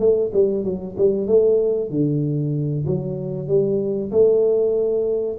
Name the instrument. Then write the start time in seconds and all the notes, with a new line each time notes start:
tuba
0.00 A3
0.34 G3
0.65 F#3
0.98 G3
1.27 A3
1.91 D3
2.87 F#3
3.49 G3
4.12 A3